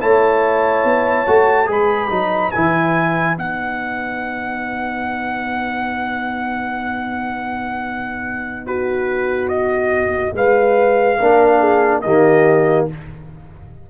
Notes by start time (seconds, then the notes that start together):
0.00 A3 E4 C#5 A5
0.84 B3
1.27 A3 F#4
1.66 G#3 G#4 B4 B5
2.10 F#3 D#4
2.51 E3 E4 G#5
3.36 B3 D#4 F#5
8.66 F#4 B4
9.48 D#5
10.34 G#3 B4 F5
11.18 A#3 D4 A#4
11.60 G#4
12.01 D#3 A#3 G4 D#5